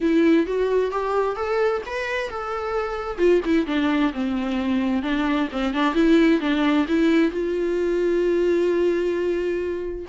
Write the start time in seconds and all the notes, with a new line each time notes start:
0.00 E4
0.46 F#4
0.91 G4
1.36 A4
1.85 B4
2.29 A4
3.18 F4
3.45 E4
3.66 D4
4.13 C4
5.02 D4
5.52 C4
5.73 D4
5.94 E4
6.40 D4
6.88 E4
7.31 F4